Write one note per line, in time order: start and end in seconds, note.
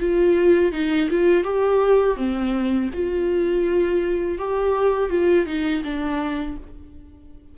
0.00 0.72 F4
0.72 1.09 D#4
1.10 1.44 F4
1.44 2.17 G4
2.17 2.90 C4
2.93 4.38 F4
4.38 5.10 G4
5.10 5.46 F4
5.46 5.83 D#4
5.84 6.57 D4